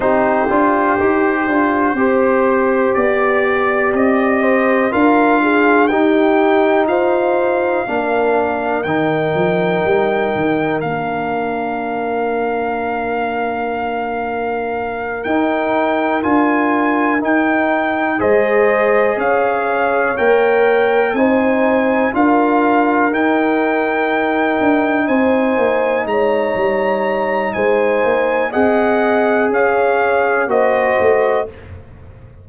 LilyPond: <<
  \new Staff \with { instrumentName = "trumpet" } { \time 4/4 \tempo 4 = 61 c''2. d''4 | dis''4 f''4 g''4 f''4~ | f''4 g''2 f''4~ | f''2.~ f''8 g''8~ |
g''8 gis''4 g''4 dis''4 f''8~ | f''8 g''4 gis''4 f''4 g''8~ | g''4. gis''4 ais''4. | gis''4 fis''4 f''4 dis''4 | }
  \new Staff \with { instrumentName = "horn" } { \time 4/4 g'2 c''4 d''4~ | d''8 c''8 ais'8 gis'8 g'4 c''4 | ais'1~ | ais'1~ |
ais'2~ ais'8 c''4 cis''8~ | cis''4. c''4 ais'4.~ | ais'4. c''4 cis''4. | c''4 dis''4 cis''4 c''4 | }
  \new Staff \with { instrumentName = "trombone" } { \time 4/4 dis'8 f'8 g'8 f'8 g'2~ | g'4 f'4 dis'2 | d'4 dis'2 d'4~ | d'2.~ d'8 dis'8~ |
dis'8 f'4 dis'4 gis'4.~ | gis'8 ais'4 dis'4 f'4 dis'8~ | dis'1~ | dis'4 gis'2 fis'4 | }
  \new Staff \with { instrumentName = "tuba" } { \time 4/4 c'8 d'8 dis'8 d'8 c'4 b4 | c'4 d'4 dis'4 f'4 | ais4 dis8 f8 g8 dis8 ais4~ | ais2.~ ais8 dis'8~ |
dis'8 d'4 dis'4 gis4 cis'8~ | cis'8 ais4 c'4 d'4 dis'8~ | dis'4 d'8 c'8 ais8 gis8 g4 | gis8 ais8 c'4 cis'4 ais8 a8 | }
>>